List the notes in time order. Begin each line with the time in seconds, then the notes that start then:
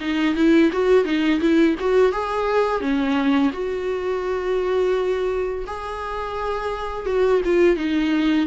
0.00 D#4
0.35 E4
0.72 F#4
1.04 D#4
1.40 E4
1.79 F#4
2.12 G#4
2.80 C#4
3.53 F#4
5.67 G#4
7.06 F#4
7.44 F4
7.76 D#4